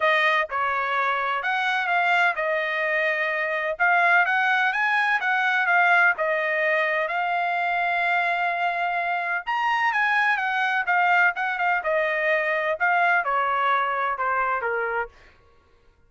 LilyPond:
\new Staff \with { instrumentName = "trumpet" } { \time 4/4 \tempo 4 = 127 dis''4 cis''2 fis''4 | f''4 dis''2. | f''4 fis''4 gis''4 fis''4 | f''4 dis''2 f''4~ |
f''1 | ais''4 gis''4 fis''4 f''4 | fis''8 f''8 dis''2 f''4 | cis''2 c''4 ais'4 | }